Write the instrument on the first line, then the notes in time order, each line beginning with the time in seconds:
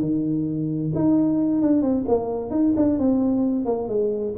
tuba
0.00 D#3
0.95 D#4
1.61 D4
1.82 C4
2.08 A#3
2.50 D#4
2.76 D4
2.98 C4
3.65 A#3
3.88 G#3